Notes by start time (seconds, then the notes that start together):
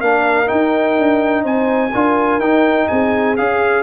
0.00 A#3 D4 A#4 F5
0.46 D#4 G5
0.98 D4
1.43 C4 C5 G#5
1.92 D4 F4 A#4
2.39 D#4 G5
2.88 C4 G#4 G#5
3.37 C#4 G#4 F5